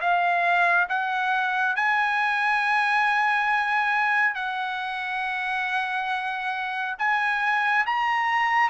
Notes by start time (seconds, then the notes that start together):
0.00 F5
0.89 F#5
1.75 G#5
4.35 F#5
6.98 G#5
7.86 A#5